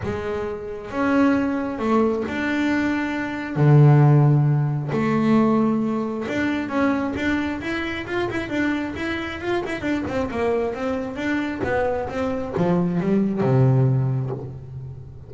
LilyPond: \new Staff \with { instrumentName = "double bass" } { \time 4/4 \tempo 4 = 134 gis2 cis'2 | a4 d'2. | d2. a4~ | a2 d'4 cis'4 |
d'4 e'4 f'8 e'8 d'4 | e'4 f'8 e'8 d'8 c'8 ais4 | c'4 d'4 b4 c'4 | f4 g4 c2 | }